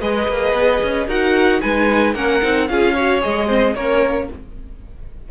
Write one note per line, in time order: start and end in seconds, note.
0.00 0.27 G#3
0.00 1.08 G#4
0.00 1.06 B4
0.00 1.07 D#5
0.28 0.53 A#3
0.53 0.80 B3
0.83 1.07 C#4
1.06 1.60 D#4
1.06 1.61 F#4
1.06 1.60 A#4
1.06 1.61 F#5
1.61 2.14 G#3
1.61 2.14 D#4
1.61 2.14 B4
1.61 2.14 G#5
2.14 2.41 A#3
2.14 2.42 C#4
2.14 2.67 A#4
2.14 2.67 F#5
2.42 2.69 C4
2.42 2.68 D#4
2.67 3.23 C#4
2.67 2.96 F4
2.67 2.93 G#4
2.67 3.21 F5
2.93 3.21 F#4
2.93 3.47 C#5
3.21 3.74 G#3
3.21 3.47 G#4
3.21 3.75 D#5
3.47 3.74 C4
3.47 3.73 C5
3.74 4.28 A#3
3.74 4.30 C#4
3.74 4.29 A#4
3.74 4.28 C#5